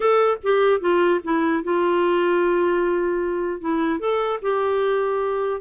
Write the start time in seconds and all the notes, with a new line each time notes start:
0.00 A4
0.43 G4
0.80 F4
1.23 E4
1.63 F4
3.60 E4
3.99 A4
4.42 G4